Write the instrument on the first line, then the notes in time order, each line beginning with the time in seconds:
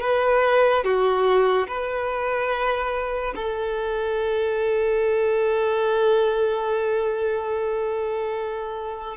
violin
0.00 B4
0.83 F#4
1.67 B4
3.35 A4